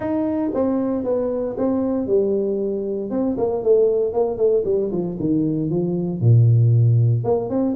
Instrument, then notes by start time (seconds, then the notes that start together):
tuba
0.00 D#4
0.54 C4
1.04 B3
1.57 C4
2.07 G3
3.10 C4
3.37 A#3
3.63 A3
4.13 A#3
4.37 A3
4.64 G3
4.91 F3
5.19 D#3
5.69 F3
6.20 A#2
7.24 A#3
7.49 C4